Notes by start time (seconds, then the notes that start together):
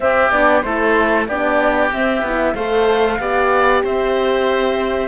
0.00 C4 G4 E5
0.30 B3 D4 D5
0.62 A3 E4 A4 C5
1.27 B3 D4 G4 D5
1.91 C4 E5
2.22 B3 E4
2.54 A3 A4 C5 F5
3.19 B3 G4 D5
3.84 C4 C5 E5